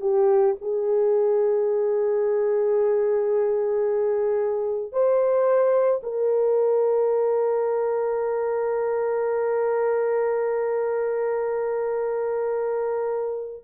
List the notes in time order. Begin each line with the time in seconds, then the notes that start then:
0.00 G4
0.61 G#4
4.91 C5
6.03 A#4